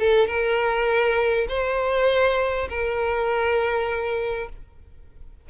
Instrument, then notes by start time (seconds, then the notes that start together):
violin
0.00 A4
0.28 A#4
1.49 C5
2.69 A#4